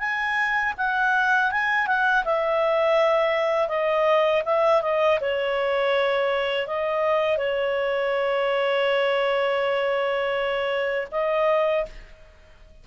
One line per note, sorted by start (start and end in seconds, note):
0.00 0.74 G#5
0.78 1.52 F#5
1.52 1.88 G#5
1.88 2.25 F#5
2.25 3.69 E5
3.69 4.43 D#5
4.45 4.82 E5
4.82 5.20 D#5
5.21 6.67 C#5
6.67 7.38 D#5
7.38 11.08 C#5
11.12 11.86 D#5